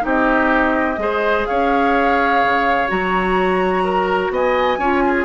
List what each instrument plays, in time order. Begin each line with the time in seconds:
0.00 bassoon C4, clarinet D#4, oboe G4
0.07 flute D#5
0.98 bassoon G#3, clarinet G#4, oboe C5
1.45 bassoon C#4, oboe C#5, flute F5
2.43 bassoon C#3
2.88 bassoon F#3, clarinet F#4, flute A#5
3.84 oboe A#4
4.30 bassoon B3, oboe D#5, flute G#5
4.78 bassoon C#4, clarinet F4, oboe C#5
5.06 oboe G#4